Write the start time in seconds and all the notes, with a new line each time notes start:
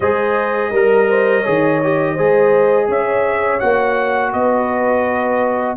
0.00 G#3 G#4 C5 D#5
0.70 G3 A#4
1.09 C5
1.40 G#4 C#5
1.47 D#3
1.83 G4
2.13 G#3 G#4 C5
2.87 C#4 C#5 E5
3.59 A#3 F#4 F#5
4.32 B3 B4 D#5